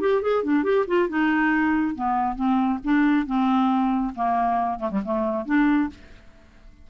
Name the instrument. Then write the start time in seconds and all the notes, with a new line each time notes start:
clarinet
0.00 G4
0.21 G#4
0.43 D4
0.63 G4
0.87 F4
1.08 D#4
1.95 B3
2.35 C4
2.83 D4
3.26 C4
4.15 A#3
4.79 A3
4.91 G3
5.04 A3
5.45 D4